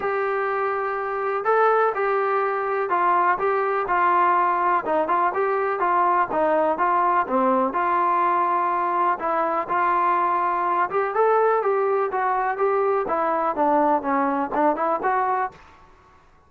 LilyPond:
\new Staff \with { instrumentName = "trombone" } { \time 4/4 \tempo 4 = 124 g'2. a'4 | g'2 f'4 g'4 | f'2 dis'8 f'8 g'4 | f'4 dis'4 f'4 c'4 |
f'2. e'4 | f'2~ f'8 g'8 a'4 | g'4 fis'4 g'4 e'4 | d'4 cis'4 d'8 e'8 fis'4 | }